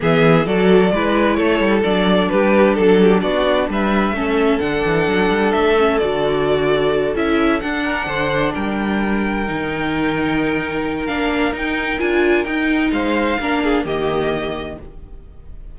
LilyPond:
<<
  \new Staff \with { instrumentName = "violin" } { \time 4/4 \tempo 4 = 130 e''4 d''2 cis''4 | d''4 b'4 a'4 d''4 | e''2 fis''2 | e''4 d''2~ d''8 e''8~ |
e''8 fis''2 g''4.~ | g''1 | f''4 g''4 gis''4 g''4 | f''2 dis''2 | }
  \new Staff \with { instrumentName = "violin" } { \time 4/4 gis'4 a'4 b'4 a'4~ | a'4 g'4 a'8 g'8 fis'4 | b'4 a'2.~ | a'1~ |
a'4 ais'8 c''4 ais'4.~ | ais'1~ | ais'1 | c''4 ais'8 gis'8 g'2 | }
  \new Staff \with { instrumentName = "viola" } { \time 4/4 b4 fis'4 e'2 | d'1~ | d'4 cis'4 d'2~ | d'8 cis'8 fis'2~ fis'8 e'8~ |
e'8 d'2.~ d'8~ | d'8 dis'2.~ dis'8 | d'4 dis'4 f'4 dis'4~ | dis'4 d'4 ais2 | }
  \new Staff \with { instrumentName = "cello" } { \time 4/4 e4 fis4 gis4 a8 g8 | fis4 g4 fis4 b4 | g4 a4 d8 e8 fis8 g8 | a4 d2~ d8 cis'8~ |
cis'8 d'4 d4 g4.~ | g8 dis2.~ dis8 | ais4 dis'4 d'4 dis'4 | gis4 ais4 dis2 | }
>>